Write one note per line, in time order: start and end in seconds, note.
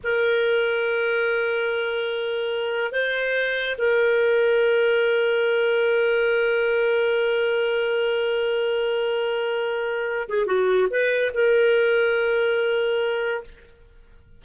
0.03 2.92 A#4
2.92 3.76 C5
3.78 10.28 A#4
10.29 10.46 G#4
10.46 10.88 F#4
10.90 11.32 B4
11.33 13.43 A#4